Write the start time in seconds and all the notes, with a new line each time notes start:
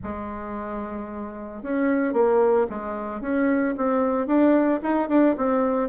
0.03 G#3
1.62 C#4
2.13 A#3
2.69 G#3
3.21 C#4
3.77 C4
4.26 D4
4.82 D#4
5.08 D4
5.37 C4